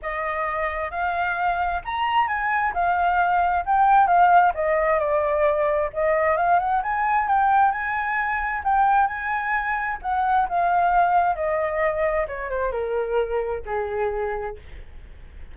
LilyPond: \new Staff \with { instrumentName = "flute" } { \time 4/4 \tempo 4 = 132 dis''2 f''2 | ais''4 gis''4 f''2 | g''4 f''4 dis''4 d''4~ | d''4 dis''4 f''8 fis''8 gis''4 |
g''4 gis''2 g''4 | gis''2 fis''4 f''4~ | f''4 dis''2 cis''8 c''8 | ais'2 gis'2 | }